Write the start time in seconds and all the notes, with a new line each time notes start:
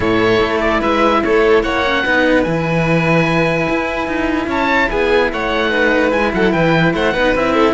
0.00 A2 E4 A4 C#5
0.40 A3
0.61 D5
0.80 G#3 B4 E5
1.23 A3 A4 C#5
1.62 A#3 C#5 F#5
1.85 C#4
2.03 B3 D#4 B4
2.43 E3 E4 G#5
3.69 E4
4.07 D#4
4.46 C#4 C#5 A5
4.90 B3 G#4 G#5
5.32 A3 C#5 F#5
5.70 D#4 B4
6.10 G#3 E4 G#5
6.33 F#3 A4 F#5
6.52 E3 B4 G5
6.93 A3 C5 F#5
7.13 B3 D#4 B4
7.35 C4 E4 E5
7.53 A4